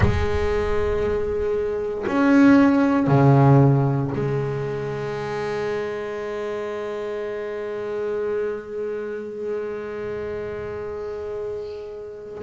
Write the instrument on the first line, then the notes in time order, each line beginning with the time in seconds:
double bass
0.00 G#3
2.07 C#4
3.07 C#3
4.14 G#3